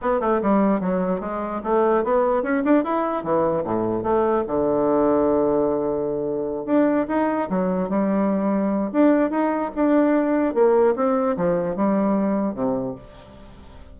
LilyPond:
\new Staff \with { instrumentName = "bassoon" } { \time 4/4 \tempo 4 = 148 b8 a8 g4 fis4 gis4 | a4 b4 cis'8 d'8 e'4 | e4 a,4 a4 d4~ | d1~ |
d8 d'4 dis'4 fis4 g8~ | g2 d'4 dis'4 | d'2 ais4 c'4 | f4 g2 c4 | }